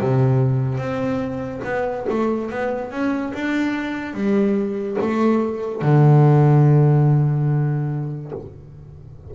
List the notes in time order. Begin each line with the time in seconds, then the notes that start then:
0.00 C3
0.78 C4
1.64 B3
2.09 A3
2.50 B3
2.91 C#4
3.34 D4
4.14 G3
5.00 A3
5.81 D3